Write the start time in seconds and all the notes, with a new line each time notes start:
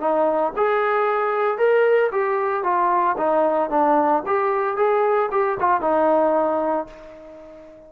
0.00 D#4
0.57 G#4
1.58 A#4
2.12 G4
2.64 F4
3.18 D#4
3.70 D4
4.26 G4
4.77 G#4
5.31 G4
5.60 F4
5.81 D#4